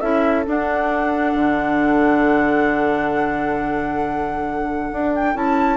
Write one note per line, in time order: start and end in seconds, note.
0.00 0.46 C#4
0.00 0.46 E4
0.00 5.77 A4
0.00 0.44 E5
0.46 5.35 D4
0.46 1.34 D4
0.46 5.15 F#5
1.34 4.90 D3
4.92 5.35 D4
5.15 5.36 G5
5.35 5.77 C#4
5.35 5.77 E4
5.35 5.77 A5